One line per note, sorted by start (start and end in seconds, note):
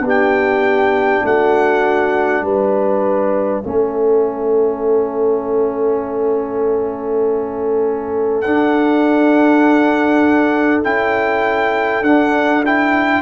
0.00 1.20 B3
0.00 3.64 D4
0.00 1.24 G4
0.09 1.26 G5
1.24 2.42 A3
1.24 2.44 F#4
1.24 2.46 F#5
2.42 3.62 G3
2.42 3.64 B4
2.42 8.42 E5
3.64 8.46 A3
3.64 8.44 C#4
3.64 13.22 A4
8.42 10.84 D4
8.42 10.85 D4
8.42 10.81 F#5
10.84 12.01 C#4
10.84 12.04 E4
10.84 12.04 G5
12.01 13.21 D4
12.01 12.64 D4
12.01 12.63 F#5
12.66 13.22 E4
12.66 13.22 G5